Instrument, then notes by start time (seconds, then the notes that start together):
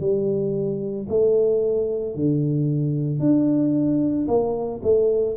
tuba
0.00 G3
1.09 A3
2.15 D3
3.19 D4
4.28 A#3
4.83 A3